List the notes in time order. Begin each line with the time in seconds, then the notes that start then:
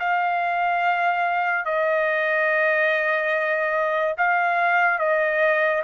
0.00 F5
1.66 D#5
4.18 F5
4.99 D#5